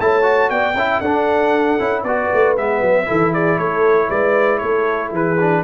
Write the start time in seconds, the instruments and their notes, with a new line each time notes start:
0.00 tuba A3, trombone E4, horn C#5, trumpet A5
0.23 trombone F#4
0.50 tuba B3, horn D5, trumpet G5
0.74 tuba C#4, trombone E4, horn E5
1.01 tuba D4, trombone D4, horn A4, trumpet F#5
1.79 tuba C#4, trombone E4
2.04 tuba B3, trombone F#4, horn B4, trumpet D5
2.33 tuba A3
2.58 tuba G#3, trombone B3, trumpet E5
2.81 tuba F#3
3.06 tuba E3, trombone E4, horn A4
3.33 horn G#4, trumpet D5
3.58 tuba A3, horn A4, trumpet C#5
4.09 tuba G#3, horn B4, trumpet D5
4.58 tuba A3, horn A4, trumpet C#5
5.12 tuba E3, horn G#4, trumpet B4
5.40 trombone D4